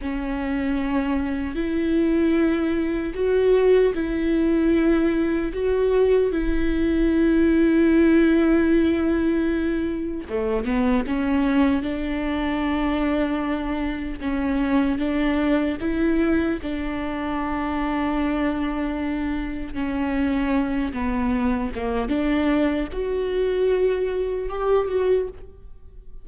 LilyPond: \new Staff \with { instrumentName = "viola" } { \time 4/4 \tempo 4 = 76 cis'2 e'2 | fis'4 e'2 fis'4 | e'1~ | e'4 a8 b8 cis'4 d'4~ |
d'2 cis'4 d'4 | e'4 d'2.~ | d'4 cis'4. b4 ais8 | d'4 fis'2 g'8 fis'8 | }